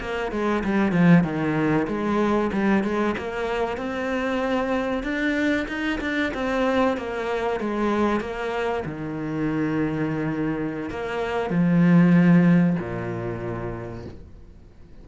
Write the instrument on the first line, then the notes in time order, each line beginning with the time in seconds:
cello
0.00 A#3
0.32 G#3
0.64 G3
0.92 F3
1.24 D#3
1.88 G#3
2.53 G3
2.84 G#3
3.18 A#3
3.77 C4
5.03 D4
5.68 D#4
6.01 D4
6.34 C4
6.97 A#3
7.60 G#3
8.20 A#3
8.85 D#3
10.90 A#3
11.50 F3
12.79 A#2